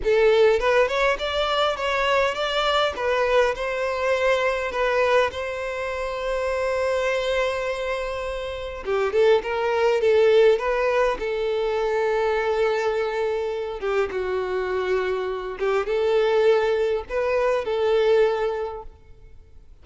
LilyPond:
\new Staff \with { instrumentName = "violin" } { \time 4/4 \tempo 4 = 102 a'4 b'8 cis''8 d''4 cis''4 | d''4 b'4 c''2 | b'4 c''2.~ | c''2. g'8 a'8 |
ais'4 a'4 b'4 a'4~ | a'2.~ a'8 g'8 | fis'2~ fis'8 g'8 a'4~ | a'4 b'4 a'2 | }